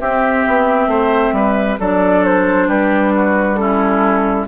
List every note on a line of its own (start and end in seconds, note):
0.00 0.45 C4
0.00 1.79 C4
0.00 0.90 G4
0.00 1.79 E5
0.47 0.87 B3
0.87 1.32 A3
0.87 1.35 C5
1.33 1.77 G3
1.33 1.80 B4
1.79 2.68 F#3
1.79 3.57 D4
1.79 2.68 A4
1.79 2.25 D5
2.25 2.69 C5
2.68 4.47 G3
2.68 3.13 G4
2.68 3.56 B4
3.15 3.60 F#4
3.56 4.47 C#4
3.56 4.48 E4
3.56 4.45 A4